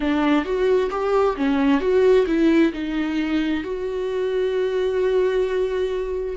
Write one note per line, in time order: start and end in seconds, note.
0.00 0.44 D4
0.44 0.90 F#4
0.90 1.36 G4
1.36 1.80 C#4
1.80 2.25 F#4
2.26 2.72 E4
2.72 3.63 D#4
3.63 6.36 F#4